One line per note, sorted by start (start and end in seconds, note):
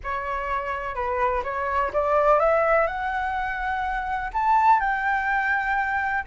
0.03 0.95 C#5
0.95 1.43 B4
1.43 1.91 C#5
1.93 2.39 D5
2.39 2.86 E5
2.86 4.30 F#5
4.33 4.80 A5
4.80 6.24 G5